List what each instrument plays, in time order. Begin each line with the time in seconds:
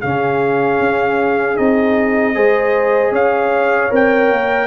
0.00 tuba C#3, trombone C#4, horn G#4, trumpet F5
0.80 tuba C#4
1.56 tuba C4, trombone D#4, trumpet D#5
2.34 tuba G#3, trombone G#4, horn C5
3.11 tuba C#4, horn C#5, trumpet F5
3.90 tuba C4, trombone A#4, trumpet G5
4.30 tuba A#3